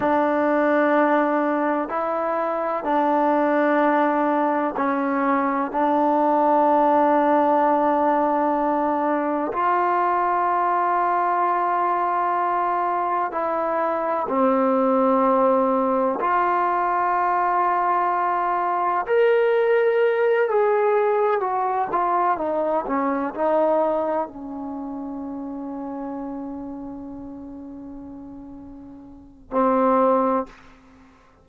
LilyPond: \new Staff \with { instrumentName = "trombone" } { \time 4/4 \tempo 4 = 63 d'2 e'4 d'4~ | d'4 cis'4 d'2~ | d'2 f'2~ | f'2 e'4 c'4~ |
c'4 f'2. | ais'4. gis'4 fis'8 f'8 dis'8 | cis'8 dis'4 cis'2~ cis'8~ | cis'2. c'4 | }